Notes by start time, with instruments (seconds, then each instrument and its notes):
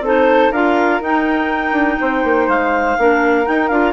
0.00 bassoon C4, clarinet D#4 C5, flute A4
0.51 bassoon D4, clarinet F4 F5, flute A#4
1.00 bassoon D#4, clarinet D#4 G5
1.72 bassoon D4
2.00 bassoon C4, flute C5
2.23 bassoon A#3
2.48 bassoon G#3, clarinet F5
2.98 bassoon A#3, clarinet D4, flute A#4
3.45 clarinet D#4 G5, bassoon D#4
3.67 bassoon D4, clarinet F4 F5